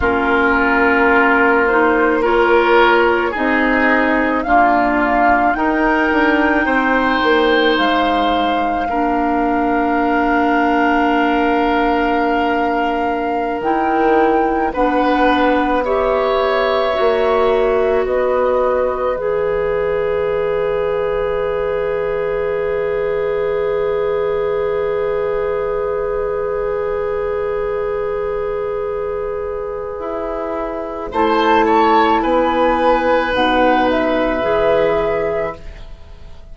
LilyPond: <<
  \new Staff \with { instrumentName = "flute" } { \time 4/4 \tempo 4 = 54 ais'4. c''8 cis''4 dis''4 | f''4 g''2 f''4~ | f''1~ | f''16 g''4 fis''4 e''4.~ e''16~ |
e''16 dis''4 e''2~ e''8.~ | e''1~ | e''1 | a''4 gis''4 fis''8 e''4. | }
  \new Staff \with { instrumentName = "oboe" } { \time 4/4 f'2 ais'4 gis'4 | f'4 ais'4 c''2 | ais'1~ | ais'4~ ais'16 b'4 cis''4.~ cis''16~ |
cis''16 b'2.~ b'8.~ | b'1~ | b'1 | c''8 cis''8 b'2. | }
  \new Staff \with { instrumentName = "clarinet" } { \time 4/4 cis'4. dis'8 f'4 dis'4 | ais4 dis'2. | d'1~ | d'16 e'4 d'4 g'4 fis'8.~ |
fis'4~ fis'16 gis'2~ gis'8.~ | gis'1~ | gis'1 | e'2 dis'4 gis'4 | }
  \new Staff \with { instrumentName = "bassoon" } { \time 4/4 ais2. c'4 | d'4 dis'8 d'8 c'8 ais8 gis4 | ais1~ | ais16 dis4 b2 ais8.~ |
ais16 b4 e2~ e8.~ | e1~ | e2. e'4 | a4 b4 b,4 e4 | }
>>